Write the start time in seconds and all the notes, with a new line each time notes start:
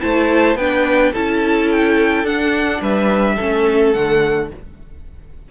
0.00 A3 E4 C5 A5
0.55 B3 D4 B4 G5
1.12 C#4 E4 A4 A5
1.71 G5
2.24 D4 F#5
2.81 G3 B4 E5
3.35 A3 C#4 A4
3.93 D3 A3 F#5